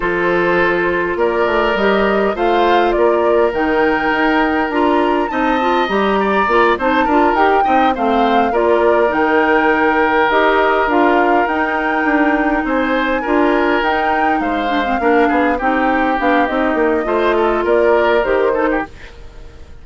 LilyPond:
<<
  \new Staff \with { instrumentName = "flute" } { \time 4/4 \tempo 4 = 102 c''2 d''4 dis''4 | f''4 d''4 g''2 | ais''4 a''4 ais''4. a''8~ | a''8 g''4 f''4 d''4 g''8~ |
g''4. dis''4 f''4 g''8~ | g''4. gis''2 g''8~ | g''8 f''2 g''4 f''8 | dis''2 d''4 c''4 | }
  \new Staff \with { instrumentName = "oboe" } { \time 4/4 a'2 ais'2 | c''4 ais'2.~ | ais'4 dis''4. d''4 c''8 | ais'4 dis''8 c''4 ais'4.~ |
ais'1~ | ais'4. c''4 ais'4.~ | ais'8 c''4 ais'8 gis'8 g'4.~ | g'4 c''8 a'8 ais'4. a'16 g'16 | }
  \new Staff \with { instrumentName = "clarinet" } { \time 4/4 f'2. g'4 | f'2 dis'2 | f'4 dis'8 f'8 g'4 f'8 dis'8 | f'8 g'8 dis'8 c'4 f'4 dis'8~ |
dis'4. g'4 f'4 dis'8~ | dis'2~ dis'8 f'4 dis'8~ | dis'4 d'16 c'16 d'4 dis'4 d'8 | dis'4 f'2 g'8 dis'8 | }
  \new Staff \with { instrumentName = "bassoon" } { \time 4/4 f2 ais8 a8 g4 | a4 ais4 dis4 dis'4 | d'4 c'4 g4 ais8 c'8 | d'8 dis'8 c'8 a4 ais4 dis8~ |
dis4. dis'4 d'4 dis'8~ | dis'8 d'4 c'4 d'4 dis'8~ | dis'8 gis4 ais8 b8 c'4 b8 | c'8 ais8 a4 ais4 dis4 | }
>>